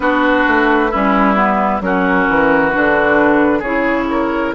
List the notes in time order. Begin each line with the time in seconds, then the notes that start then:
0.00 B3 D4 F#4 B4
0.47 A3
0.91 G3 C#4 E4
1.35 B3
1.80 F#3 C#4 F#4 A#4
2.28 E3
2.70 D3 D4 B4
3.59 C#3 E4 G#4 C#5
4.10 A#4